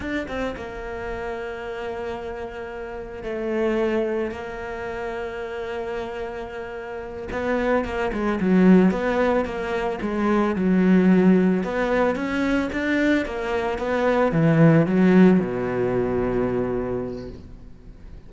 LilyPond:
\new Staff \with { instrumentName = "cello" } { \time 4/4 \tempo 4 = 111 d'8 c'8 ais2.~ | ais2 a2 | ais1~ | ais4. b4 ais8 gis8 fis8~ |
fis8 b4 ais4 gis4 fis8~ | fis4. b4 cis'4 d'8~ | d'8 ais4 b4 e4 fis8~ | fis8 b,2.~ b,8 | }